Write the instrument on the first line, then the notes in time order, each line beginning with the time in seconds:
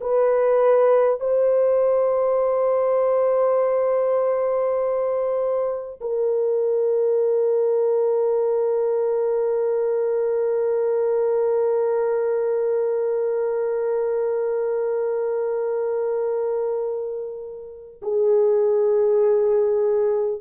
horn
0.00 B4
1.19 C5
6.01 A#4
18.02 G#4